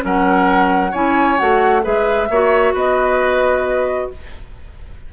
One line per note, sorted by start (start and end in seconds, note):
0.00 0.93 F#3
0.00 0.90 C#4
0.00 0.91 A#4
0.00 0.94 F#5
0.91 1.38 C#4
0.91 1.38 E4
0.91 1.81 C#5
0.91 1.38 G#5
1.38 1.85 A3
1.38 1.82 F#4
1.38 1.83 F#5
1.82 2.29 G#3
1.82 2.27 G#4
1.82 2.28 B4
1.82 2.75 E5
2.29 2.73 A#3
2.29 4.13 F#4
2.29 2.73 C#5
2.73 4.08 B3
2.73 4.08 B4
2.73 4.11 D#5